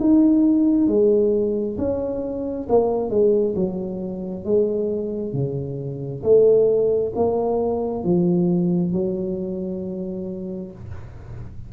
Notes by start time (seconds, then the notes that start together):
0.00 D#4
0.88 G#3
1.77 C#4
2.69 A#3
3.09 G#3
3.55 F#3
4.45 G#3
5.33 C#3
6.23 A3
7.15 A#3
8.04 F3
8.93 F#3